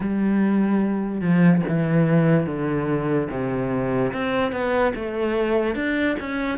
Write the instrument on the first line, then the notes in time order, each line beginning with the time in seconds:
cello
0.00 G3
1.20 F3
1.68 E3
2.46 D3
3.30 C3
4.12 C4
4.52 B3
4.95 A3
5.75 D4
6.19 C#4